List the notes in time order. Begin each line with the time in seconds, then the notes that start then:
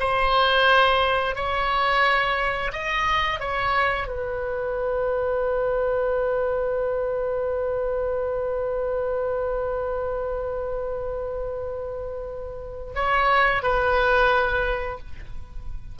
0.00 C5
1.35 C#5
2.73 D#5
3.40 C#5
4.08 B4
12.95 C#5
13.63 B4